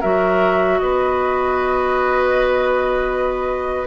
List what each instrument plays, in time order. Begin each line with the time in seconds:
0.00 bassoon F#3, clarinet F#4, oboe A#4, flute E5
0.79 bassoon B3, oboe B4, flute D#5